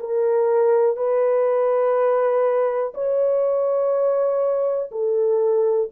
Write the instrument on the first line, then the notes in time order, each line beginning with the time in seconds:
horn
0.00 A#4
0.97 B4
2.95 C#5
4.92 A4